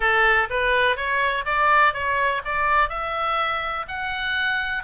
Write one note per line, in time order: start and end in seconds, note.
0.00 0.48 A4
0.50 0.96 B4
0.96 1.45 C#5
1.45 1.93 D5
1.93 2.41 C#5
2.45 2.89 D5
2.89 3.86 E5
3.88 4.83 F#5